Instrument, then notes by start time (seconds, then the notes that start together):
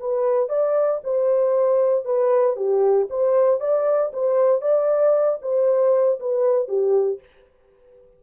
horn
0.00 B4
0.49 D5
1.04 C5
2.05 B4
2.57 G4
3.10 C5
3.61 D5
4.13 C5
4.62 D5
5.42 C5
6.20 B4
6.69 G4